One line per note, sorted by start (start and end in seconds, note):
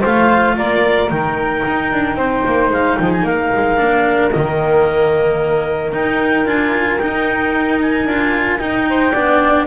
0.00 0.57 A3
0.00 1.08 F4
0.00 0.54 C5
0.00 0.57 F5
0.57 1.10 A#3
0.57 2.16 A#4
0.57 1.09 D5
1.09 1.64 D#3
1.09 3.77 D#4
1.09 2.70 G5
1.67 1.92 D#4
1.92 2.15 D4
2.15 2.42 C4
2.15 2.97 C5
2.45 2.70 A#3
2.70 2.97 G#3
2.70 2.97 F5
2.97 3.22 F3
2.97 3.24 G#4
2.97 3.10 G5
3.12 3.25 G#5
3.22 3.49 A#3
3.22 8.86 A#4
3.22 4.30 F5
3.55 3.79 G#3
3.77 4.33 A#3
3.77 4.30 D4
4.30 5.93 D#3
4.30 5.92 A#3
4.30 5.91 D#5
5.92 6.45 D#4
5.92 6.47 G5
6.45 6.98 D4
6.45 6.99 F4
6.45 6.98 G#5
6.98 8.08 D#4
6.98 8.05 D#4
6.98 7.78 G5
7.81 8.58 G#5
8.05 8.59 D4
8.05 8.58 F4
8.58 9.12 D#4
8.58 9.14 D#4
8.58 9.65 G5
8.89 9.11 C5
9.11 9.66 B3
9.11 9.66 D4
9.11 9.65 D5